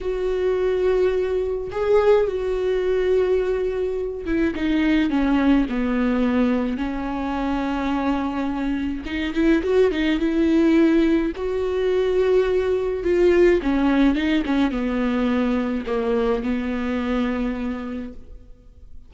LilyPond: \new Staff \with { instrumentName = "viola" } { \time 4/4 \tempo 4 = 106 fis'2. gis'4 | fis'2.~ fis'8 e'8 | dis'4 cis'4 b2 | cis'1 |
dis'8 e'8 fis'8 dis'8 e'2 | fis'2. f'4 | cis'4 dis'8 cis'8 b2 | ais4 b2. | }